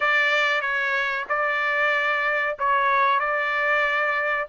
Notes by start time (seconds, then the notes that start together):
0.00 D5
0.61 C#5
1.29 D5
2.58 C#5
3.19 D5